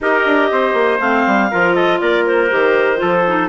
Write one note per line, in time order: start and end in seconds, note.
0.00 0.25 D#4
0.00 1.00 G4
0.00 0.51 A#4
0.00 1.00 D#5
0.25 0.50 D4
0.51 0.73 C4
0.51 1.50 C5
0.73 0.98 A#3
1.00 1.25 A3
1.00 1.50 C4
1.00 1.74 F5
1.26 1.51 G3
1.50 2.01 F3
1.50 2.50 F4
1.50 1.74 A#4
1.74 1.99 A4
1.74 1.99 D#5
2.00 2.51 A#3
2.00 3.01 A#4
2.00 2.25 D5
2.26 3.49 C5
2.50 3.01 D#3
2.50 2.97 G4
2.97 3.49 F3
2.97 3.22 F4
2.97 3.49 A4
3.27 3.49 D#4